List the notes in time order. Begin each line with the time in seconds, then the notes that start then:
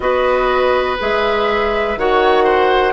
0.00 B3 F#4 B4 D#5
0.99 G#3 G#4 E5
1.96 D#3 F#4 C#5 F#5
2.43 C5